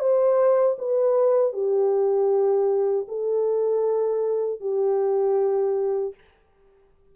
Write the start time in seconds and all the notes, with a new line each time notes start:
0.00 C5
0.79 B4
1.53 G4
3.08 A4
4.61 G4